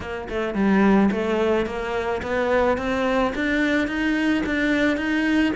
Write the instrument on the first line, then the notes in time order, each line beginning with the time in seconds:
cello
0.00 A#3
0.29 A3
0.54 G3
1.11 A3
1.66 A#3
2.22 B3
2.77 C4
3.35 D4
3.87 D#4
4.46 D4
4.97 D#4